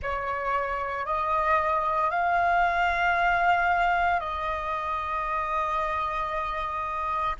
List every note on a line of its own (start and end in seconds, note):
0.02 1.05 C#5
1.05 2.10 D#5
2.10 4.20 F5
4.20 7.35 D#5